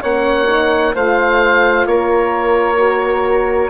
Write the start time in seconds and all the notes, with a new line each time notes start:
0.00 A#3 C#4 C#5 F#5
0.47 D#4
0.94 A3 F4 C5 F5
1.86 A#3 A#4 C#5
2.77 F#4